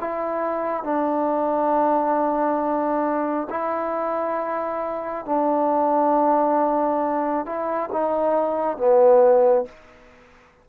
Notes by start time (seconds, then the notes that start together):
0.00 E4
0.83 D4
3.50 E4
5.26 D4
7.46 E4
7.93 D#4
8.77 B3